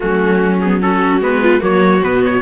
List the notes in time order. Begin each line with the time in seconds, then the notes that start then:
0.00 F#3 A3 C#4 F#4
0.61 B3 G#4
0.81 C#4 F#4 A4
1.20 G#3 B3 B4
1.42 F4
1.59 F#3 A#3 F#4 C#5
2.03 B2 B3 B4
2.25 C#5